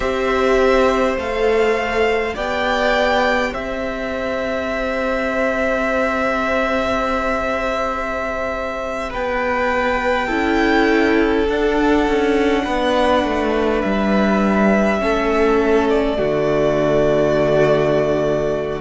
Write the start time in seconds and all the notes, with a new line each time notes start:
0.00 C4 G4 C5 E5
1.16 A3 A4 F5
2.35 B3 G4 D5 G5
3.51 C4 C5 E5
9.10 B3 B4 G5
10.27 C#4 E4 A4
11.48 D4 F#5
12.07 C#4
12.63 B3 B4
13.24 A3
13.81 G3 E5
14.99 A3 C#4 A4
15.89 D5
16.16 D3 A3 F#4